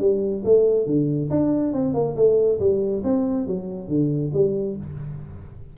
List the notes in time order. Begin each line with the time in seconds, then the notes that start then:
0.00 G3
0.45 A3
0.87 D3
1.30 D4
1.73 C4
1.94 A#3
2.16 A3
2.60 G3
3.04 C4
3.47 F#3
3.88 D3
4.33 G3